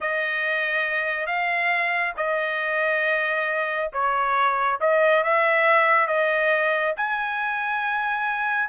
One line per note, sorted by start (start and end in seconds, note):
0.01 1.26 D#5
1.26 2.13 F5
2.17 3.91 D#5
3.92 4.79 C#5
4.80 5.23 D#5
5.23 6.07 E5
6.07 6.94 D#5
6.96 8.69 G#5